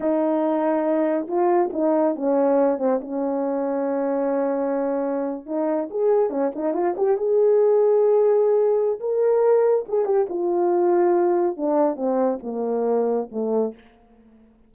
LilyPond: \new Staff \with { instrumentName = "horn" } { \time 4/4 \tempo 4 = 140 dis'2. f'4 | dis'4 cis'4. c'8 cis'4~ | cis'1~ | cis'8. dis'4 gis'4 cis'8 dis'8 f'16~ |
f'16 g'8 gis'2.~ gis'16~ | gis'4 ais'2 gis'8 g'8 | f'2. d'4 | c'4 ais2 a4 | }